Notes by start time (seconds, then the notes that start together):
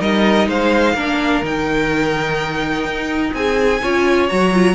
0.00 G3 D#4 A#4 D#5
0.47 G#3 C5 F5
0.94 A#3 D4 A#4
1.43 D#3 D#4 G5
2.85 D#4
3.34 C4 G#4 G#5
3.82 C#4 F4 C#5
4.28 F#3 F#4 A#5
4.54 F4